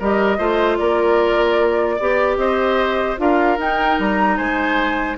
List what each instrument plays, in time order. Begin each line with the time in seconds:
0.00 bassoon G3, clarinet G4, oboe A#4, flute D#5
0.38 bassoon A3, clarinet F4, oboe C5
0.78 bassoon A#3, oboe A#4, flute D5
1.96 bassoon B3, clarinet G4, oboe D5
2.37 bassoon C4, oboe C5, flute D#5
3.18 bassoon D4, clarinet F4, oboe A#4, flute F5
3.59 bassoon D#4, clarinet D#4, flute G5
3.99 bassoon G3, flute A#5
4.37 bassoon G#3, oboe C5, flute G#5